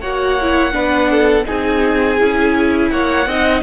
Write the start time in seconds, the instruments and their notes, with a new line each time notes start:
0.00 cello A#3, viola F#4, violin C#5 F#5
0.41 viola E4
0.72 cello B3, viola D4, violin B4
1.11 violin A4
1.45 cello C4, viola D#4, violin G#4 G#5
2.19 cello C#4, viola E4
2.90 cello A#3, violin C#5 F#5
3.26 cello C4, viola D#4, violin D#5